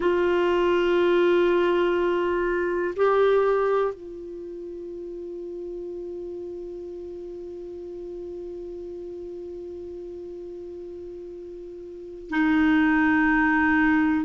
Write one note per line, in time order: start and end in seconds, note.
0.00 2.94 F4
2.96 3.93 G4
3.93 12.30 F4
12.30 14.25 D#4